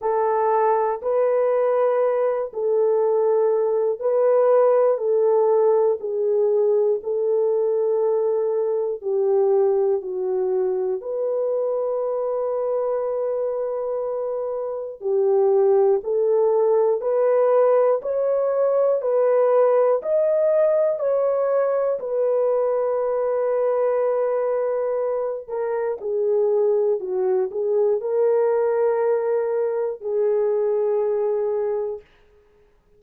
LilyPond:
\new Staff \with { instrumentName = "horn" } { \time 4/4 \tempo 4 = 60 a'4 b'4. a'4. | b'4 a'4 gis'4 a'4~ | a'4 g'4 fis'4 b'4~ | b'2. g'4 |
a'4 b'4 cis''4 b'4 | dis''4 cis''4 b'2~ | b'4. ais'8 gis'4 fis'8 gis'8 | ais'2 gis'2 | }